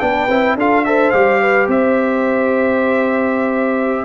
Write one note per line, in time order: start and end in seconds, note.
0.00 0.28 B3
0.00 0.28 D4
0.00 0.56 B4
0.00 0.56 G5
0.28 0.56 C4
0.28 0.58 E4
0.56 1.12 D4
0.56 0.86 F4
0.56 0.85 A4
0.56 0.85 F5
0.85 1.13 A4
0.85 1.41 C5
0.85 1.11 E5
1.11 1.68 G3
1.11 4.05 G4
1.11 1.67 F5
1.41 1.69 B4
1.68 4.05 C4
1.68 4.05 C5
1.68 4.05 E5